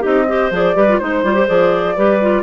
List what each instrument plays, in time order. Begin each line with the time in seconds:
0.00 bassoon C4, clarinet D#4 G4, flute D#5
0.28 clarinet G4 C5
0.51 bassoon F3, clarinet G#4, flute D5
0.75 bassoon G3, clarinet G4 B4
0.89 clarinet F4
0.99 bassoon G#3, clarinet D#4 C5, flute C5
1.23 bassoon G3, clarinet F4
1.34 clarinet G4
1.47 bassoon F3, clarinet G#4, flute D5
1.96 bassoon G3, clarinet G4 B4
2.21 clarinet F4